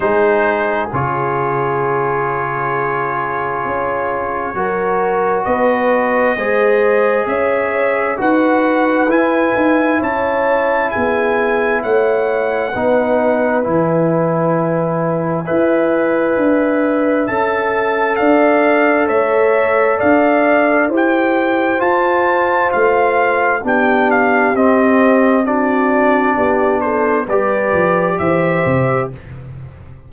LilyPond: <<
  \new Staff \with { instrumentName = "trumpet" } { \time 4/4 \tempo 4 = 66 c''4 cis''2.~ | cis''2 dis''2 | e''4 fis''4 gis''4 a''4 | gis''4 fis''2 gis''4~ |
gis''2. a''4 | f''4 e''4 f''4 g''4 | a''4 f''4 g''8 f''8 dis''4 | d''4. c''8 d''4 e''4 | }
  \new Staff \with { instrumentName = "horn" } { \time 4/4 gis'1~ | gis'4 ais'4 b'4 c''4 | cis''4 b'2 cis''4 | gis'4 cis''4 b'2~ |
b'4 e''2. | d''4 cis''4 d''4 c''4~ | c''2 g'2 | fis'4 g'8 a'8 b'4 c''4 | }
  \new Staff \with { instrumentName = "trombone" } { \time 4/4 dis'4 f'2.~ | f'4 fis'2 gis'4~ | gis'4 fis'4 e'2~ | e'2 dis'4 e'4~ |
e'4 b'2 a'4~ | a'2. g'4 | f'2 d'4 c'4 | d'2 g'2 | }
  \new Staff \with { instrumentName = "tuba" } { \time 4/4 gis4 cis2. | cis'4 fis4 b4 gis4 | cis'4 dis'4 e'8 dis'8 cis'4 | b4 a4 b4 e4~ |
e4 e'4 d'4 cis'4 | d'4 a4 d'4 e'4 | f'4 a4 b4 c'4~ | c'4 b4 g8 f8 e8 c8 | }
>>